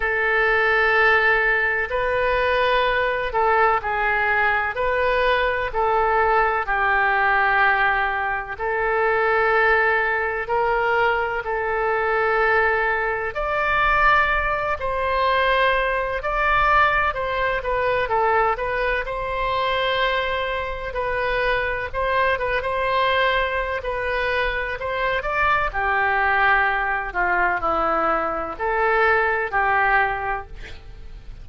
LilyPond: \new Staff \with { instrumentName = "oboe" } { \time 4/4 \tempo 4 = 63 a'2 b'4. a'8 | gis'4 b'4 a'4 g'4~ | g'4 a'2 ais'4 | a'2 d''4. c''8~ |
c''4 d''4 c''8 b'8 a'8 b'8 | c''2 b'4 c''8 b'16 c''16~ | c''4 b'4 c''8 d''8 g'4~ | g'8 f'8 e'4 a'4 g'4 | }